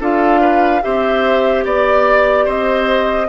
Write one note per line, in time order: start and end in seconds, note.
0.00 0.82 D4
0.00 0.82 F4
0.00 0.40 A4
0.00 0.82 F5
0.40 0.82 B4
0.82 1.65 C4
0.82 3.28 G4
0.82 1.64 C5
0.82 1.64 E5
1.64 2.46 B3
1.64 2.45 D5
1.64 2.49 D5
2.45 3.28 C4
2.45 3.27 C5
2.45 3.29 D#5